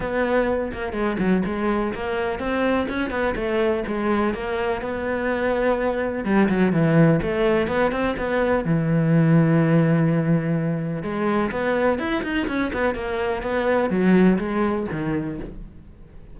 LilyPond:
\new Staff \with { instrumentName = "cello" } { \time 4/4 \tempo 4 = 125 b4. ais8 gis8 fis8 gis4 | ais4 c'4 cis'8 b8 a4 | gis4 ais4 b2~ | b4 g8 fis8 e4 a4 |
b8 c'8 b4 e2~ | e2. gis4 | b4 e'8 dis'8 cis'8 b8 ais4 | b4 fis4 gis4 dis4 | }